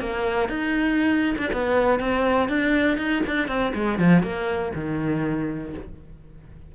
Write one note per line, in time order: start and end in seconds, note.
0.00 0.49 A#3
0.49 1.35 D#4
1.38 1.50 D4
1.53 1.99 B3
1.99 2.49 C4
2.49 2.98 D4
2.98 3.22 D#4
3.26 3.48 D4
3.48 3.73 C4
3.74 3.99 G#3
3.99 4.23 F3
4.23 4.72 A#3
4.74 5.74 D#3